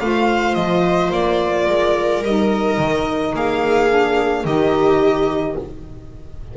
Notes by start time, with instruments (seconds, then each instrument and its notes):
0.00 double bass A3, saxophone F4, viola C5, violin F5
0.54 double bass F3, violin D#5
1.11 double bass A#3, violin D5
1.66 double bass G#3, viola A#4
2.22 double bass G3, saxophone D#4, violin D#5
2.78 double bass D#3
3.34 double bass A#3, viola G#4, violin F5
3.88 saxophone D4
4.44 double bass D#3, saxophone D#4, viola G4, violin D#5